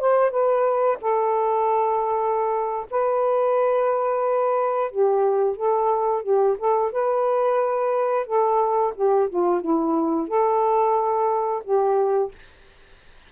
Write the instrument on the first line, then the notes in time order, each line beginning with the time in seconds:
saxophone
0.00 C5
0.30 B4
1.01 A4
2.91 B4
4.91 G4
5.56 A4
6.23 G4
6.58 A4
6.92 B4
8.26 A4
8.95 G4
9.29 F4
9.61 E4
10.28 A4
11.64 G4